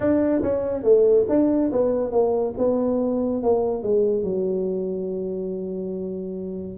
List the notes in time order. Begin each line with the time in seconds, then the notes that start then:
0.00 D4
0.42 C#4
0.83 A3
1.28 D4
1.72 B3
2.11 A#3
2.57 B3
3.42 A#3
3.83 G#3
4.23 F#3